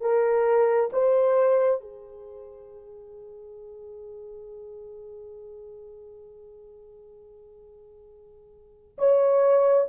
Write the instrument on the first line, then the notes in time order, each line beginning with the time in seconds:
horn
0.00 A#4
0.92 C5
1.80 G#4
8.98 C#5